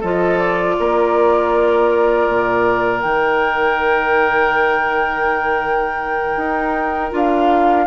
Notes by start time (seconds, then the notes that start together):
0.00 F3 F4 A4 D#5
0.38 D5
0.78 A#3 A#4
2.29 A#2
3.00 D#3 D#4 G5
6.36 D#4
7.10 D4 F4 F5